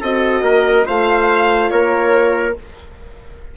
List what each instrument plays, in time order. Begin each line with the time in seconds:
0.00 bassoon C4, horn F#4, trumpet A4, violin D#5
0.41 bassoon A#3, trumpet A#4
0.85 bassoon A3, horn F4, trumpet C5, violin F5
1.70 bassoon A#3, trumpet A#4, violin C#5